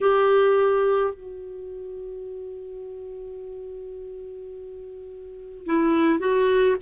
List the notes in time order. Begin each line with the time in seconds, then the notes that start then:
0.01 G4
1.13 F#4
5.66 E4
6.19 F#4